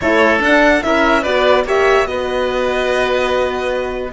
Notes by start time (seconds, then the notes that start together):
0.00 A3 E4 A4 C#5
0.39 D4 F#5
0.45 D4
0.81 C#4 E4 A#4 E5
1.22 B3 F#4 B4 D5
1.64 A#3 G4 C#5 E5
2.05 B3 F#4 B4 D#5